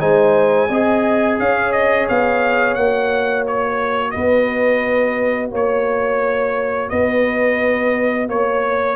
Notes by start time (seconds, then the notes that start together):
0.00 G#3 D#4 C5 G#5
0.69 C4 G#4 D#5
1.40 C#4 C#5 F5
1.72 D#5
2.09 B3 F5
2.75 A#3 F#4 F#5
3.47 C#5
4.11 B3 B4 D#5
5.52 A#3 C#5
6.90 B3 B4 D#5
8.29 A#3 C#5